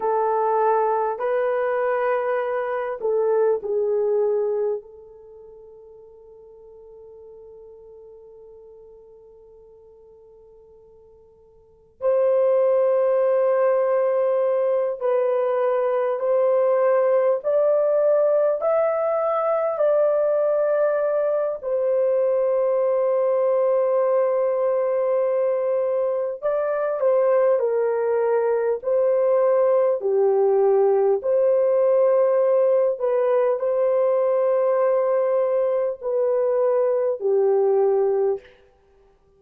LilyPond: \new Staff \with { instrumentName = "horn" } { \time 4/4 \tempo 4 = 50 a'4 b'4. a'8 gis'4 | a'1~ | a'2 c''2~ | c''8 b'4 c''4 d''4 e''8~ |
e''8 d''4. c''2~ | c''2 d''8 c''8 ais'4 | c''4 g'4 c''4. b'8 | c''2 b'4 g'4 | }